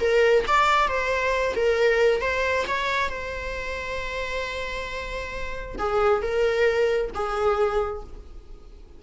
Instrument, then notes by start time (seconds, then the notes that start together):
viola
0.00 A#4
0.47 D5
0.88 C5
1.56 A#4
2.21 C5
2.67 C#5
3.09 C5
5.78 G#4
6.22 A#4
7.15 G#4